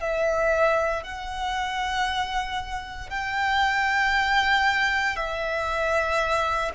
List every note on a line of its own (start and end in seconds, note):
0.00 1.03 E5
1.03 3.10 F#5
3.10 5.16 G5
5.16 6.71 E5